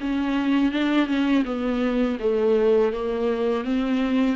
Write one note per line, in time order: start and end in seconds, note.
0.00 0.72 C#4
0.72 1.06 D4
1.06 1.43 C#4
1.45 2.18 B3
2.19 2.92 A3
2.92 3.64 A#3
3.64 4.36 C4